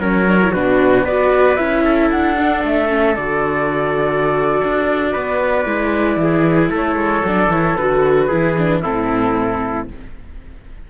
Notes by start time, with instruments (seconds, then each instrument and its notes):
0.00 cello F#3, viola C#4, trumpet A#4, flute C#5
0.28 viola D4
0.43 viola E4
0.52 cello B2, viola D4, trumpet F#4, flute B4
1.05 cello B3, viola F#4, trumpet B4, flute D5
1.56 cello C#4, viola E4, flute E5
1.85 trumpet A4
2.11 cello D4, flute F#5
2.38 viola D4
2.64 cello A3, flute E5
2.89 viola C#4
3.16 cello D3, viola F#4, flute D5
4.64 cello D4
5.13 cello B3, trumpet B4
5.66 cello G#3, viola E4
6.17 cello E3
6.23 trumpet G#4
6.71 cello A3, trumpet A4, flute C#5
6.96 cello G#3
7.24 cello F#3, viola D4, flute D5
7.49 cello E3, viola E4, flute C#5
7.77 cello D3, viola F#4, flute B4
8.28 cello E3, viola E4, trumpet G#4
8.58 viola D4
8.83 cello A2, viola C4, trumpet E4, flute A4